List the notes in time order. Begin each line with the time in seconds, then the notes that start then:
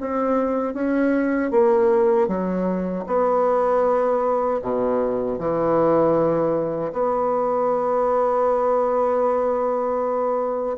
0.00 C4
0.73 C#4
1.51 A#3
2.28 F#3
3.06 B3
4.62 B2
5.38 E3
6.92 B3